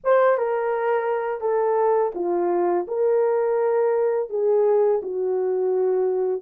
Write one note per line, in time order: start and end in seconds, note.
0.04 0.37 C5
0.37 1.40 A#4
1.40 2.12 A4
2.14 2.86 F4
2.87 4.29 A#4
4.29 5.01 G#4
5.02 6.42 F#4